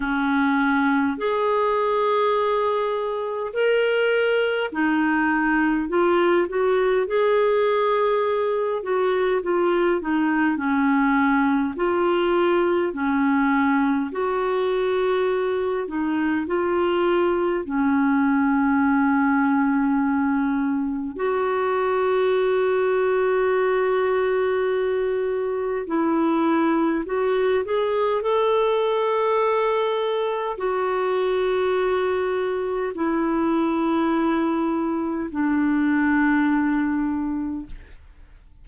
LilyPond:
\new Staff \with { instrumentName = "clarinet" } { \time 4/4 \tempo 4 = 51 cis'4 gis'2 ais'4 | dis'4 f'8 fis'8 gis'4. fis'8 | f'8 dis'8 cis'4 f'4 cis'4 | fis'4. dis'8 f'4 cis'4~ |
cis'2 fis'2~ | fis'2 e'4 fis'8 gis'8 | a'2 fis'2 | e'2 d'2 | }